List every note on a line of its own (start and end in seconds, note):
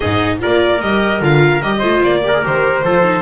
0.00 0.43 G#2
0.00 0.39 D#4
0.00 0.38 G#4
0.00 0.37 D#5
0.39 0.81 A#3
0.39 0.80 F4
0.39 1.78 A#4
0.39 0.81 D5
0.81 1.20 G3
0.81 1.21 G4
0.81 1.21 D#5
1.20 1.61 D3
1.20 1.61 F4
1.20 1.61 F5
1.61 1.82 G3
1.61 1.82 G4
1.61 2.02 D#5
1.78 2.02 A3
1.78 2.22 F4
1.78 2.18 C5
2.03 2.43 A#3
2.03 2.44 D5
2.23 2.33 G4
2.23 2.84 A#4
2.33 2.42 G#4
2.42 2.83 D#3
2.42 2.82 G4
2.42 3.21 C5
2.83 3.21 F3
2.83 3.02 F4
2.83 3.21 A4
3.02 3.21 D#4